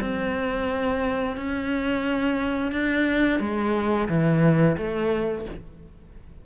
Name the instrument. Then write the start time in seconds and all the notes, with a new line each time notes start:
cello
0.00 C4
1.36 C#4
2.71 D4
3.39 G#3
4.08 E3
4.77 A3